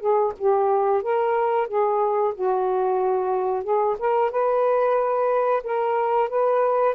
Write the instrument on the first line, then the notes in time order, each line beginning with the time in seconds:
saxophone
0.00 G#4
0.38 G4
1.02 A#4
1.68 G#4
2.35 F#4
3.64 G#4
3.99 A#4
4.31 B4
5.63 A#4
6.29 B4